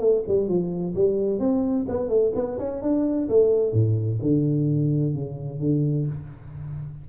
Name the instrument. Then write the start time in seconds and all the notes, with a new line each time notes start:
tuba
0.00 A3
0.28 G3
0.48 F3
0.95 G3
1.40 C4
1.89 B3
2.09 A3
2.36 B3
2.59 C#4
2.82 D4
3.29 A3
3.73 A2
4.22 D3
5.15 C#3
5.60 D3